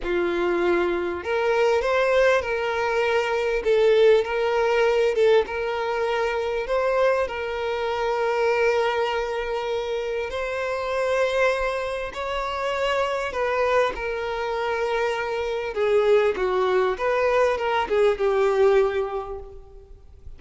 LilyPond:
\new Staff \with { instrumentName = "violin" } { \time 4/4 \tempo 4 = 99 f'2 ais'4 c''4 | ais'2 a'4 ais'4~ | ais'8 a'8 ais'2 c''4 | ais'1~ |
ais'4 c''2. | cis''2 b'4 ais'4~ | ais'2 gis'4 fis'4 | b'4 ais'8 gis'8 g'2 | }